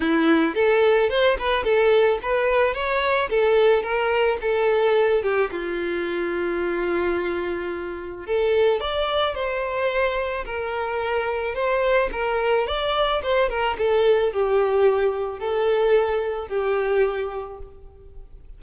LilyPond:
\new Staff \with { instrumentName = "violin" } { \time 4/4 \tempo 4 = 109 e'4 a'4 c''8 b'8 a'4 | b'4 cis''4 a'4 ais'4 | a'4. g'8 f'2~ | f'2. a'4 |
d''4 c''2 ais'4~ | ais'4 c''4 ais'4 d''4 | c''8 ais'8 a'4 g'2 | a'2 g'2 | }